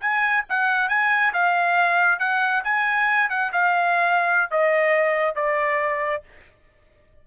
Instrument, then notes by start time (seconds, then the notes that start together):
trumpet
0.00 G#5
0.49 F#5
0.89 G#5
1.33 F5
2.19 F#5
2.64 G#5
3.29 F#5
3.52 F5
4.51 D#5
5.35 D5